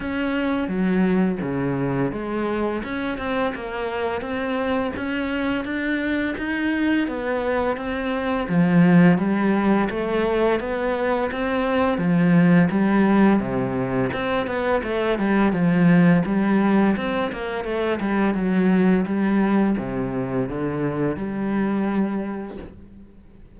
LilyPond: \new Staff \with { instrumentName = "cello" } { \time 4/4 \tempo 4 = 85 cis'4 fis4 cis4 gis4 | cis'8 c'8 ais4 c'4 cis'4 | d'4 dis'4 b4 c'4 | f4 g4 a4 b4 |
c'4 f4 g4 c4 | c'8 b8 a8 g8 f4 g4 | c'8 ais8 a8 g8 fis4 g4 | c4 d4 g2 | }